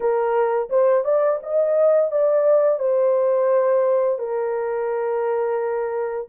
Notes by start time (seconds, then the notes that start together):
0.00 A#4
0.69 C5
1.04 D5
1.42 D#5
2.11 D5
2.79 C5
4.19 A#4